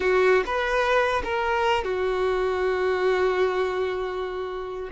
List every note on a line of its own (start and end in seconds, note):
0.00 0.44 F#4
0.46 1.22 B4
1.24 1.84 A#4
1.84 4.90 F#4